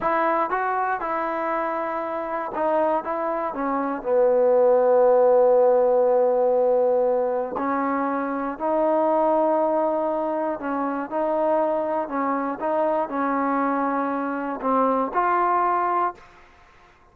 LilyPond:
\new Staff \with { instrumentName = "trombone" } { \time 4/4 \tempo 4 = 119 e'4 fis'4 e'2~ | e'4 dis'4 e'4 cis'4 | b1~ | b2. cis'4~ |
cis'4 dis'2.~ | dis'4 cis'4 dis'2 | cis'4 dis'4 cis'2~ | cis'4 c'4 f'2 | }